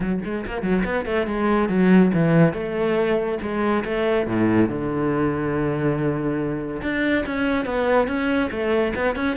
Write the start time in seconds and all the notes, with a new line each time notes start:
0.00 F#3
0.24 G#3
0.46 A#3
0.62 F#3
0.84 B3
1.05 A3
1.26 G#3
1.68 F#3
2.14 E3
2.53 A3
3.41 G#3
3.84 A3
4.26 A2
4.68 D3
6.82 D4
7.26 C#4
7.65 B3
8.07 C#4
8.51 A3
8.95 B3
9.15 C#4